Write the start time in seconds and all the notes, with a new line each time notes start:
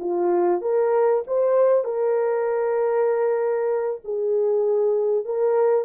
0.00 F4
0.62 A#4
1.27 C5
1.85 A#4
4.05 G#4
5.25 A#4